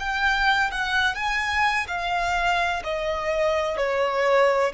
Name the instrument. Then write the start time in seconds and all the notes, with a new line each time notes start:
violin
0.00 G5
0.72 F#5
1.16 G#5
1.88 F5
2.84 D#5
3.77 C#5